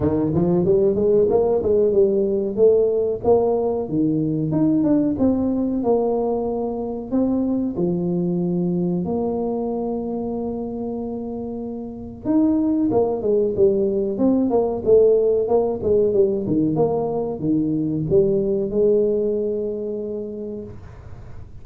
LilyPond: \new Staff \with { instrumentName = "tuba" } { \time 4/4 \tempo 4 = 93 dis8 f8 g8 gis8 ais8 gis8 g4 | a4 ais4 dis4 dis'8 d'8 | c'4 ais2 c'4 | f2 ais2~ |
ais2. dis'4 | ais8 gis8 g4 c'8 ais8 a4 | ais8 gis8 g8 dis8 ais4 dis4 | g4 gis2. | }